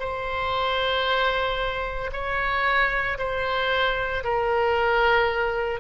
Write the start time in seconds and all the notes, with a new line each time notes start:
0.00 C5
2.13 C#5
3.18 C5
4.24 A#4